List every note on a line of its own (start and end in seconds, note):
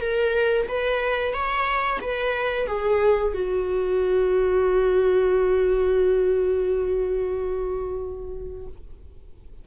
0.00 0.67 A#4
0.68 1.33 B4
1.33 2.00 C#5
2.02 2.67 B4
2.67 3.34 G#4
3.34 8.67 F#4